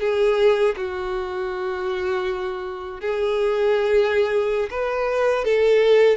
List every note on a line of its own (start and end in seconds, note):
0.00 0.75 G#4
0.77 3.00 F#4
3.00 4.69 G#4
4.70 5.44 B4
5.44 6.17 A4